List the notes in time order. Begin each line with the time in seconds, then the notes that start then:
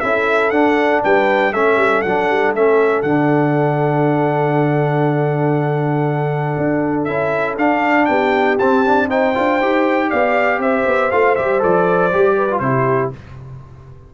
0.00 C#4 E4 A4 E5
0.50 D4 F#5
1.04 G3 B4 G5
1.53 A3 C#4 A4 E5
1.77 G3
2.02 F#3 D4 F#5
2.30 G3
2.52 A3 C#4 E5
3.02 D3 D4 F#5
6.58 D4
7.04 C#4 E4 E5
7.57 D4 F5
8.06 B3 G4 G5
8.59 C4 A5
8.85 D4
9.07 D#4 C5 G5
9.35 D4 F4
9.61 D#4 G4
10.09 B3 D5 F5
10.59 C4 C5 E5
10.86 B3
11.11 A3 F4 F5
11.35 G3 G4 E5
11.59 F3 A4 D5
12.12 G3 G4
12.37 B4
12.50 F4
12.59 C3 E4 G4 C5